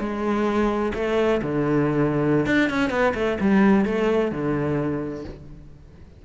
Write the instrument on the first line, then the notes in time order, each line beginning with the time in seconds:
cello
0.00 G#3
0.95 A3
1.42 D3
2.47 D4
2.70 C#4
2.90 B3
3.15 A3
3.41 G3
3.86 A3
4.32 D3